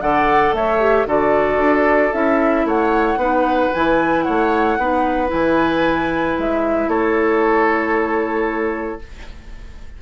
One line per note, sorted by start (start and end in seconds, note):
0.00 0.52 D3
0.00 0.79 A4
0.00 0.55 D5
0.00 0.53 F#5
0.52 1.05 A3
0.52 1.07 C#5
0.52 1.07 E5
0.79 1.06 G4
1.05 1.57 D3
1.05 2.12 F#4
1.05 2.66 A4
1.05 2.13 D5
1.57 2.11 D4
2.12 2.64 C#4
2.12 3.18 E4
2.12 2.66 E5
2.64 3.16 A3
2.64 3.18 C#5
2.64 3.74 F#5
3.16 3.69 B3
3.16 3.71 D#4
3.16 4.24 B4
3.74 4.27 E3
3.74 4.79 E4
3.74 4.22 G#5
4.22 4.77 A3
4.22 4.78 C#5
4.22 5.28 F#5
4.77 5.31 B3
4.77 5.27 D#4
4.77 6.88 B4
5.27 6.37 E3
5.27 8.99 E4
5.27 6.38 G#5
6.37 6.87 G#3
6.37 6.89 E5
6.87 9.00 A3
6.87 9.01 A4
6.87 9.01 C#5